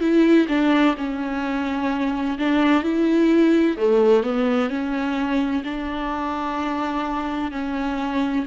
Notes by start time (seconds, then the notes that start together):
0.00 E4
0.48 D4
0.97 C#4
2.39 D4
2.83 E4
3.77 A3
4.23 B3
4.70 C#4
5.64 D4
7.52 C#4